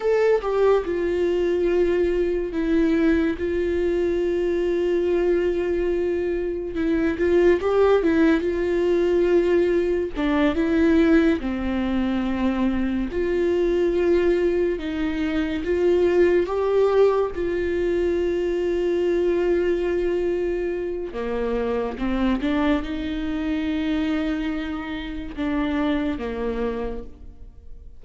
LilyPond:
\new Staff \with { instrumentName = "viola" } { \time 4/4 \tempo 4 = 71 a'8 g'8 f'2 e'4 | f'1 | e'8 f'8 g'8 e'8 f'2 | d'8 e'4 c'2 f'8~ |
f'4. dis'4 f'4 g'8~ | g'8 f'2.~ f'8~ | f'4 ais4 c'8 d'8 dis'4~ | dis'2 d'4 ais4 | }